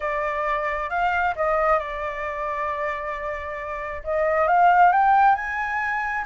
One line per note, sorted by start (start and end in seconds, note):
0.00 0.89 D5
0.89 1.34 F5
1.35 1.78 D#5
1.78 4.02 D5
4.04 4.47 D#5
4.47 4.92 F5
4.92 5.35 G5
5.35 6.25 G#5